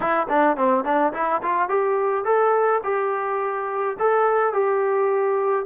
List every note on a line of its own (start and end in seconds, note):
0.00 0.27 E4
0.29 0.56 D4
0.56 0.84 C4
0.84 1.12 D4
1.13 1.41 E4
1.42 1.69 F4
1.69 2.24 G4
2.24 2.81 A4
2.83 3.96 G4
3.99 4.53 A4
4.53 5.65 G4